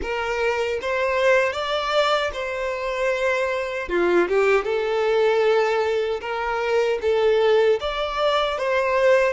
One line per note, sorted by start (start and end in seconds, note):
0.01 0.79 A#4
0.81 1.53 C5
1.53 2.31 D5
2.33 3.89 C5
3.89 4.28 F4
4.28 4.64 G4
4.64 6.20 A4
6.20 6.98 A#4
7.01 7.79 A4
7.80 8.57 D5
8.57 9.33 C5